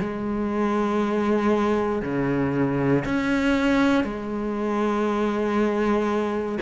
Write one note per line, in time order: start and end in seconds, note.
0.00 2.02 G#3
2.02 3.04 C#3
3.05 4.04 C#4
4.04 6.58 G#3